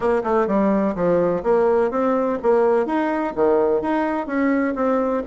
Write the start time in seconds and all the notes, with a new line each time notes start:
0.00 A#3
0.23 A3
0.47 G3
0.95 F3
1.43 A#3
1.90 C4
2.42 A#3
2.85 D#4
3.35 D#3
3.81 D#4
4.26 C#4
4.75 C4